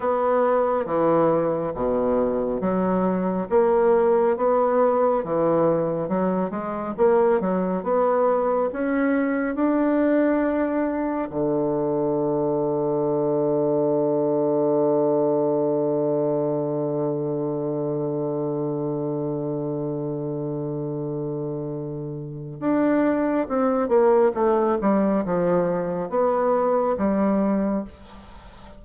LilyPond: \new Staff \with { instrumentName = "bassoon" } { \time 4/4 \tempo 4 = 69 b4 e4 b,4 fis4 | ais4 b4 e4 fis8 gis8 | ais8 fis8 b4 cis'4 d'4~ | d'4 d2.~ |
d1~ | d1~ | d2 d'4 c'8 ais8 | a8 g8 f4 b4 g4 | }